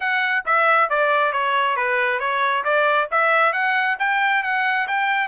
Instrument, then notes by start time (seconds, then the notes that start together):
trumpet
0.00 F#5
0.45 E5
0.89 D5
1.32 C#5
1.76 B4
2.19 C#5
2.64 D5
3.11 E5
3.52 F#5
3.99 G5
4.43 F#5
4.87 G5